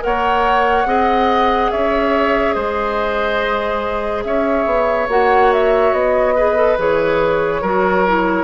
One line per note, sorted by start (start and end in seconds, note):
0.00 0.85 A#3
0.00 0.85 A#4
0.00 1.72 F#5
0.06 0.88 C#5
0.85 1.70 C4
0.85 5.09 G#4
0.85 1.71 D#5
1.71 2.56 C#4
1.71 2.55 C#5
1.71 2.54 E5
2.54 4.25 G#3
2.54 4.24 C5
2.54 4.23 D#5
4.24 4.66 C#4
4.24 6.35 C#5
4.24 5.08 E5
4.66 5.08 B3
5.08 5.93 A#3
5.08 6.37 F#4
5.08 5.53 F#5
5.53 5.94 E5
5.93 6.77 B3
5.93 6.78 D#5
6.35 6.57 G#4
6.35 7.62 B4
6.57 6.78 A4
6.78 7.62 E3
6.78 7.63 G#4
6.78 8.44 C#5
7.62 8.44 F#3
7.62 8.05 F#4
7.62 8.44 A#4
8.07 8.44 E4